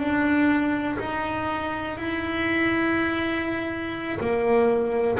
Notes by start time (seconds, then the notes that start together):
0.00 D4
1.00 D#4
1.98 E4
4.21 A#3